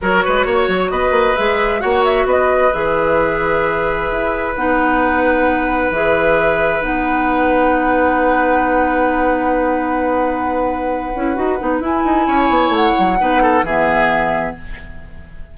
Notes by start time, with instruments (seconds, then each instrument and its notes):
0.01 bassoon F#3, clarinet F#4, oboe A#4, flute C#5
0.24 bassoon G#3, oboe B4
0.45 bassoon A#3, oboe C#5
0.68 bassoon F#3
0.90 bassoon B3, oboe B4, flute D#5
1.11 bassoon A#3
1.35 bassoon G#3, clarinet G#4, flute E5
1.79 bassoon A#3, clarinet F#4, oboe C#5, flute F#5
2.04 flute E5
2.25 bassoon B3, oboe B4, flute D#5
2.72 bassoon E3, clarinet G#4, flute E5
4.10 bassoon E4
4.55 bassoon B3, clarinet D#4, flute F#5
5.90 bassoon E3, clarinet G#4, flute E5
6.80 bassoon B3, clarinet D#4, flute F#5
11.14 bassoon C#4, clarinet E4
11.35 bassoon D#4, clarinet F#4
11.58 bassoon B3, clarinet D#4
11.80 bassoon E4, clarinet E4, flute G#5
12.04 bassoon D#4
12.27 bassoon C#4, oboe C#5
12.49 bassoon B3
12.69 bassoon A3, flute F#5
12.98 bassoon F#3
13.18 bassoon B3, clarinet D#4, oboe B4
13.42 oboe A4
13.62 bassoon E3, clarinet B3, oboe G#4, flute E5